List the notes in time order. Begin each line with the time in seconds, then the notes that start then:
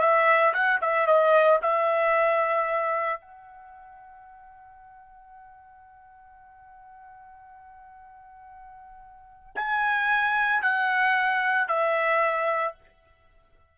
0.00 E5
0.54 F#5
0.81 E5
1.07 D#5
1.62 E5
3.21 F#5
9.56 G#5
10.62 F#5
11.68 E5